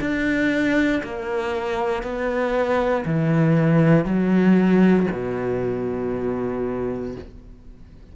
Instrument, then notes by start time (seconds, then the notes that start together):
cello
0.00 D4
1.03 A#3
2.03 B3
3.05 E3
4.05 F#3
5.12 B2